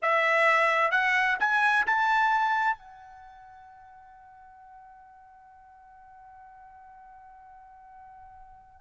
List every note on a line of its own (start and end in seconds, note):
0.02 0.91 E5
0.91 1.37 F#5
1.39 1.86 G#5
1.86 2.77 A5
2.77 8.81 F#5